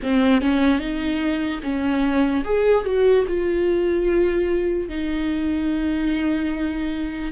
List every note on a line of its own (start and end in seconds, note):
0.02 0.41 C4
0.41 0.79 C#4
0.79 1.60 D#4
1.63 2.44 C#4
2.44 2.85 G#4
2.85 3.25 F#4
3.27 4.89 F4
4.89 7.31 D#4